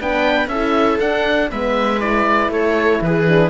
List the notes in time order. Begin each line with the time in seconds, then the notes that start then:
0.00 B3 D4 B4 G5
0.47 C#4 E4 A4 E5
0.99 D4 F#5
1.50 G#3 B3 B4 E5
1.99 E4 D5
2.49 A3 A4 C#5
3.01 E3 G#4 B4
3.28 D4